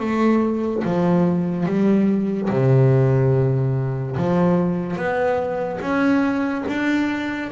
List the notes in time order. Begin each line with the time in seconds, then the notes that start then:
0.00 A3
0.85 F3
1.66 G3
2.50 C3
4.17 F3
4.97 B3
5.81 C#4
6.68 D4